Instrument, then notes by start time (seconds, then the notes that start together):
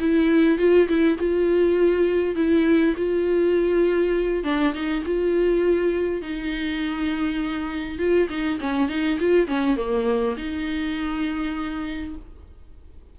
viola
0.00 E4
0.59 F4
0.89 E4
1.19 F4
2.36 E4
2.97 F4
4.44 D4
4.74 D#4
5.06 F4
6.22 D#4
7.99 F4
8.30 D#4
8.60 C#4
8.89 D#4
9.20 F4
9.48 C#4
9.77 A#3
10.37 D#4